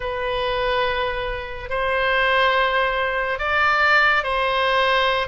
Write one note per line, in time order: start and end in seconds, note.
0.00 1.69 B4
1.69 3.38 C5
3.38 4.23 D5
4.23 5.27 C5